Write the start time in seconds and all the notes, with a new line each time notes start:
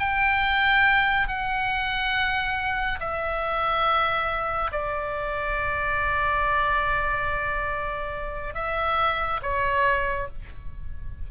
0.00 G5
1.28 F#5
3.00 E5
4.72 D5
8.55 E5
9.42 C#5